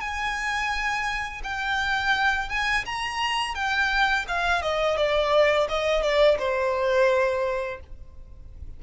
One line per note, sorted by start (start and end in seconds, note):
0.00 1.41 G#5
1.44 2.49 G5
2.49 2.85 G#5
2.86 3.55 A#5
3.55 4.25 G5
4.28 4.62 F5
4.62 4.97 D#5
4.97 5.67 D5
5.69 6.02 D#5
6.02 6.38 D5
6.39 7.80 C5